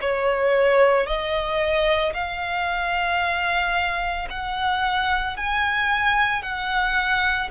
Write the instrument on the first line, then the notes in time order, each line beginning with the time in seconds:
violin
0.00 C#5
1.06 D#5
2.13 F5
4.30 F#5
5.36 G#5
6.42 F#5